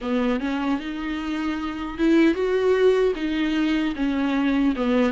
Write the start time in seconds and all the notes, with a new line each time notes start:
0.01 B3
0.39 C#4
0.79 D#4
1.97 E4
2.34 F#4
3.15 D#4
3.95 C#4
4.75 B3